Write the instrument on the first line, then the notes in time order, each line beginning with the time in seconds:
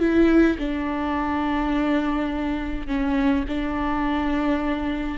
viola
0.00 E4
0.58 D4
2.87 C#4
3.48 D4